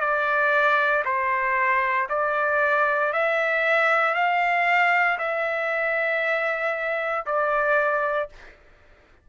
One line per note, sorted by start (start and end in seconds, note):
0.00 1.03 D5
1.04 2.08 C5
2.09 3.13 D5
3.13 4.14 E5
4.14 5.18 F5
5.18 7.25 E5
7.26 8.29 D5